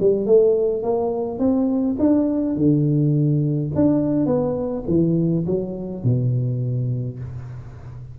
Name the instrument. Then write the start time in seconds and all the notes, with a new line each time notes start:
tuba
0.00 G3
0.26 A3
0.83 A#3
1.39 C4
1.99 D4
2.56 D3
3.75 D4
4.26 B3
4.88 E3
5.47 F#3
6.04 B2